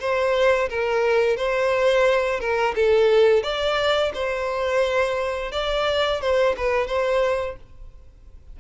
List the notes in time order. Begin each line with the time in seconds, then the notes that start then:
0.00 C5
0.69 A#4
1.37 C5
2.40 A#4
2.76 A4
3.43 D5
4.14 C5
5.52 D5
6.21 C5
6.57 B4
6.87 C5